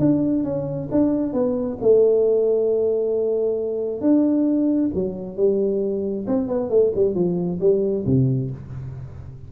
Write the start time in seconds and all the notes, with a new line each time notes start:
0.00 D4
0.45 C#4
0.92 D4
1.34 B3
1.82 A3
4.01 D4
4.95 F#3
5.37 G3
6.28 C4
6.48 B3
6.70 A3
6.96 G3
7.15 F3
7.61 G3
8.06 C3